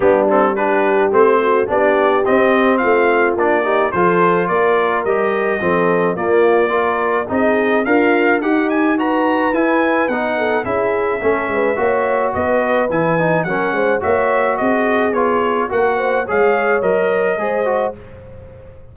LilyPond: <<
  \new Staff \with { instrumentName = "trumpet" } { \time 4/4 \tempo 4 = 107 g'8 a'8 b'4 c''4 d''4 | dis''4 f''4 d''4 c''4 | d''4 dis''2 d''4~ | d''4 dis''4 f''4 fis''8 gis''8 |
ais''4 gis''4 fis''4 e''4~ | e''2 dis''4 gis''4 | fis''4 e''4 dis''4 cis''4 | fis''4 f''4 dis''2 | }
  \new Staff \with { instrumentName = "horn" } { \time 4/4 d'4 g'4. fis'8 g'4~ | g'4 f'4. g'8 a'4 | ais'2 a'4 f'4 | ais'4 gis'4 f'4 dis'4 |
b'2~ b'8 a'8 gis'4 | a'8 b'8 cis''4 b'2 | ais'8 c''8 cis''4 gis'2 | ais'8 c''8 cis''2 c''4 | }
  \new Staff \with { instrumentName = "trombone" } { \time 4/4 b8 c'8 d'4 c'4 d'4 | c'2 d'8 dis'8 f'4~ | f'4 g'4 c'4 ais4 | f'4 dis'4 ais'4 g'4 |
fis'4 e'4 dis'4 e'4 | cis'4 fis'2 e'8 dis'8 | cis'4 fis'2 f'4 | fis'4 gis'4 ais'4 gis'8 fis'8 | }
  \new Staff \with { instrumentName = "tuba" } { \time 4/4 g2 a4 b4 | c'4 a4 ais4 f4 | ais4 g4 f4 ais4~ | ais4 c'4 d'4 dis'4~ |
dis'4 e'4 b4 cis'4 | a8 gis8 ais4 b4 e4 | fis8 gis8 ais4 c'4 b4 | ais4 gis4 fis4 gis4 | }
>>